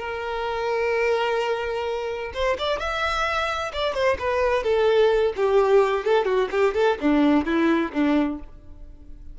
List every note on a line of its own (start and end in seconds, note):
0.00 2.33 A#4
2.34 2.58 C5
2.59 2.79 D5
2.79 3.73 E5
3.73 3.95 D5
3.95 4.18 C5
4.19 4.64 B4
4.64 5.34 A4
5.37 6.06 G4
6.06 6.26 A4
6.26 6.49 F#4
6.51 6.75 G4
6.75 6.98 A4
7.01 7.46 D4
7.46 7.92 E4
7.93 8.40 D4